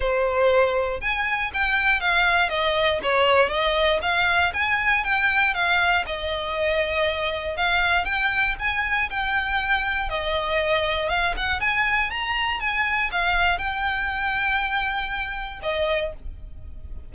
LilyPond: \new Staff \with { instrumentName = "violin" } { \time 4/4 \tempo 4 = 119 c''2 gis''4 g''4 | f''4 dis''4 cis''4 dis''4 | f''4 gis''4 g''4 f''4 | dis''2. f''4 |
g''4 gis''4 g''2 | dis''2 f''8 fis''8 gis''4 | ais''4 gis''4 f''4 g''4~ | g''2. dis''4 | }